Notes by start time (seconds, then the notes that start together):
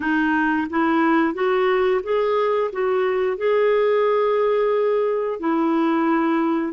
0.00 D#4
0.70 E4
1.34 F#4
2.03 G#4
2.72 F#4
3.37 G#4
5.39 E4